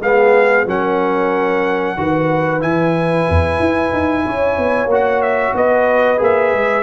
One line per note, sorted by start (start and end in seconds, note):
0.00 0.65 G#3
0.00 0.67 B3
0.00 0.67 G#4
0.00 0.68 F5
0.66 1.97 F#3
0.66 1.97 C#4
0.66 1.97 A#4
0.66 2.62 F#5
1.97 2.62 D#3
1.97 2.60 F#4
1.97 4.26 B4
2.60 3.27 E3
2.60 4.89 E4
2.60 4.90 G#5
3.30 3.60 E2
3.60 3.92 E4
3.93 4.26 D#4
4.26 4.58 C#4
4.26 5.54 C#5
4.58 4.87 B3
4.87 5.52 A#3
4.87 6.18 F#4
4.94 5.22 F#5
5.22 5.54 E5
5.54 6.19 B3
5.54 6.83 B4
5.54 6.22 D#5
6.18 6.53 A#3
6.18 6.83 G#4
6.18 6.83 E5
6.53 6.83 G#3